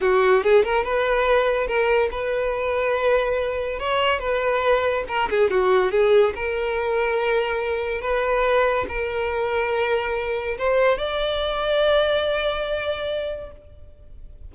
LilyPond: \new Staff \with { instrumentName = "violin" } { \time 4/4 \tempo 4 = 142 fis'4 gis'8 ais'8 b'2 | ais'4 b'2.~ | b'4 cis''4 b'2 | ais'8 gis'8 fis'4 gis'4 ais'4~ |
ais'2. b'4~ | b'4 ais'2.~ | ais'4 c''4 d''2~ | d''1 | }